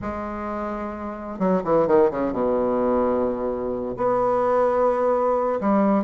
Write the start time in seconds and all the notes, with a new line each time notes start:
0.01 G#3
1.39 F#3
1.63 E3
1.87 D#3
2.11 C#3
2.32 B2
3.96 B3
5.60 G3